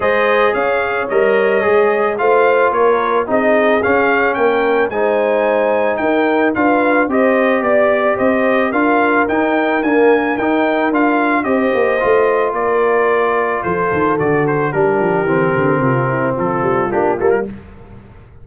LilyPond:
<<
  \new Staff \with { instrumentName = "trumpet" } { \time 4/4 \tempo 4 = 110 dis''4 f''4 dis''2 | f''4 cis''4 dis''4 f''4 | g''4 gis''2 g''4 | f''4 dis''4 d''4 dis''4 |
f''4 g''4 gis''4 g''4 | f''4 dis''2 d''4~ | d''4 c''4 d''8 c''8 ais'4~ | ais'2 a'4 g'8 a'16 ais'16 | }
  \new Staff \with { instrumentName = "horn" } { \time 4/4 c''4 cis''2. | c''4 ais'4 gis'2 | ais'4 c''2 ais'4 | b'4 c''4 d''4 c''4 |
ais'1~ | ais'4 c''2 ais'4~ | ais'4 a'2 g'4~ | g'4 f'8 e'8 f'2 | }
  \new Staff \with { instrumentName = "trombone" } { \time 4/4 gis'2 ais'4 gis'4 | f'2 dis'4 cis'4~ | cis'4 dis'2. | f'4 g'2. |
f'4 dis'4 ais4 dis'4 | f'4 g'4 f'2~ | f'2 fis'4 d'4 | c'2. d'8 ais8 | }
  \new Staff \with { instrumentName = "tuba" } { \time 4/4 gis4 cis'4 g4 gis4 | a4 ais4 c'4 cis'4 | ais4 gis2 dis'4 | d'4 c'4 b4 c'4 |
d'4 dis'4 d'4 dis'4 | d'4 c'8 ais8 a4 ais4~ | ais4 f8 dis8 d4 g8 f8 | e8 d8 c4 f8 g8 ais8 g8 | }
>>